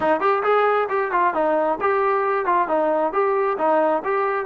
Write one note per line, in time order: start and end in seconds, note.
0.00 0.20 D#4
0.20 0.42 G4
0.43 0.88 G#4
0.89 1.11 G4
1.11 1.34 F4
1.34 1.78 D#4
1.80 2.45 G4
2.45 2.68 F4
2.68 3.12 D#4
3.12 3.57 G4
3.58 4.02 D#4
4.04 4.45 G4